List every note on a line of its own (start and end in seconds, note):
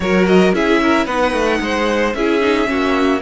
0.00 0.52 F#3
0.00 0.54 F#4
0.00 0.54 A#4
0.00 0.25 C#5
0.26 0.53 D#5
0.52 1.06 C#4
0.52 1.07 E4
0.52 0.81 G#4
0.52 1.06 E5
0.82 1.05 A#4
1.05 1.33 B3
1.05 2.14 D#4
1.05 1.58 B4
1.05 2.13 F#5
1.33 1.59 A3
1.60 2.14 G#3
1.60 2.16 C5
2.14 2.67 C#4
2.14 2.41 E4
2.14 2.69 G#4
2.14 3.21 E5
2.41 2.65 D#4
2.65 3.21 A#3
2.65 3.18 C#4
2.65 3.21 F#4